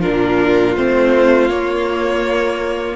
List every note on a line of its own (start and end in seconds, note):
0.00 0.76 D4
0.00 2.96 F4
0.00 0.75 A#4
0.06 0.77 A#2
0.76 1.50 A3
0.76 1.50 C4
0.76 1.49 C5
1.49 2.96 A#3
1.49 2.96 C#5